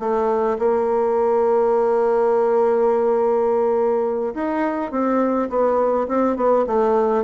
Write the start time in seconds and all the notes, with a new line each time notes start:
0.00 A3
0.60 A#3
4.35 D#4
4.92 C4
5.50 B3
6.08 C4
6.37 B3
6.67 A3